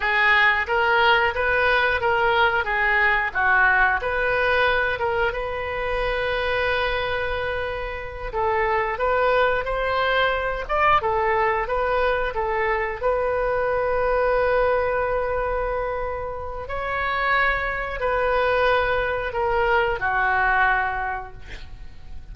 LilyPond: \new Staff \with { instrumentName = "oboe" } { \time 4/4 \tempo 4 = 90 gis'4 ais'4 b'4 ais'4 | gis'4 fis'4 b'4. ais'8 | b'1~ | b'8 a'4 b'4 c''4. |
d''8 a'4 b'4 a'4 b'8~ | b'1~ | b'4 cis''2 b'4~ | b'4 ais'4 fis'2 | }